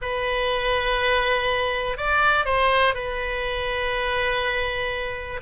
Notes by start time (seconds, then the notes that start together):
0.01 B4
1.97 D5
2.45 C5
2.94 B4